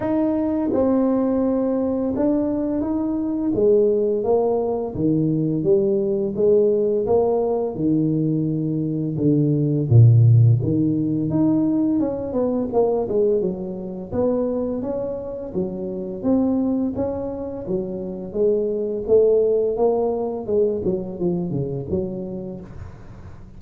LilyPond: \new Staff \with { instrumentName = "tuba" } { \time 4/4 \tempo 4 = 85 dis'4 c'2 d'4 | dis'4 gis4 ais4 dis4 | g4 gis4 ais4 dis4~ | dis4 d4 ais,4 dis4 |
dis'4 cis'8 b8 ais8 gis8 fis4 | b4 cis'4 fis4 c'4 | cis'4 fis4 gis4 a4 | ais4 gis8 fis8 f8 cis8 fis4 | }